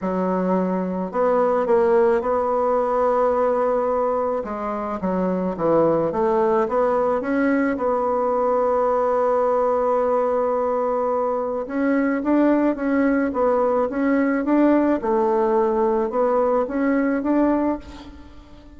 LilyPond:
\new Staff \with { instrumentName = "bassoon" } { \time 4/4 \tempo 4 = 108 fis2 b4 ais4 | b1 | gis4 fis4 e4 a4 | b4 cis'4 b2~ |
b1~ | b4 cis'4 d'4 cis'4 | b4 cis'4 d'4 a4~ | a4 b4 cis'4 d'4 | }